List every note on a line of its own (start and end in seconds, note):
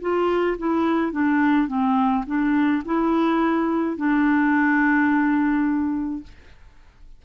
0.00 0.57 F4
0.58 1.12 E4
1.12 1.67 D4
1.67 2.24 C4
2.26 2.83 D4
2.85 3.96 E4
3.96 6.23 D4